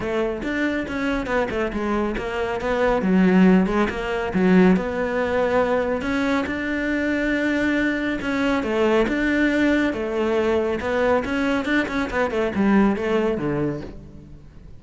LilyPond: \new Staff \with { instrumentName = "cello" } { \time 4/4 \tempo 4 = 139 a4 d'4 cis'4 b8 a8 | gis4 ais4 b4 fis4~ | fis8 gis8 ais4 fis4 b4~ | b2 cis'4 d'4~ |
d'2. cis'4 | a4 d'2 a4~ | a4 b4 cis'4 d'8 cis'8 | b8 a8 g4 a4 d4 | }